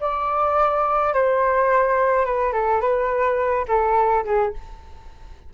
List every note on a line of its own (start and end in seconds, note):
0.00 1.13 D5
1.13 2.25 C5
2.25 2.52 B4
2.52 2.80 A4
2.80 3.65 B4
3.67 4.24 A4
4.24 4.53 G#4